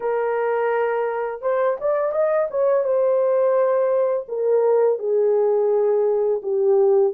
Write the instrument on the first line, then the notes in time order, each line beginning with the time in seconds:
horn
0.00 A#4
1.41 C5
1.80 D5
2.12 D#5
2.50 C#5
2.84 C5
4.28 A#4
4.98 G#4
6.42 G4